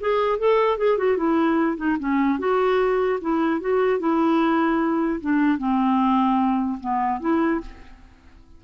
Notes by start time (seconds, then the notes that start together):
0.00 G#4
0.38 A4
0.78 G#4
0.98 F#4
1.17 E4
1.77 D#4
2.00 C#4
2.39 F#4
3.21 E4
3.61 F#4
4.00 E4
5.21 D4
5.58 C4
6.80 B3
7.20 E4